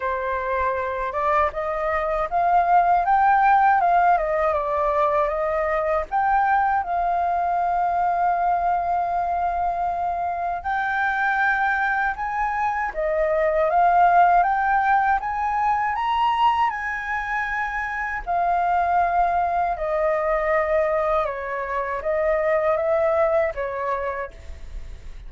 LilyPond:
\new Staff \with { instrumentName = "flute" } { \time 4/4 \tempo 4 = 79 c''4. d''8 dis''4 f''4 | g''4 f''8 dis''8 d''4 dis''4 | g''4 f''2.~ | f''2 g''2 |
gis''4 dis''4 f''4 g''4 | gis''4 ais''4 gis''2 | f''2 dis''2 | cis''4 dis''4 e''4 cis''4 | }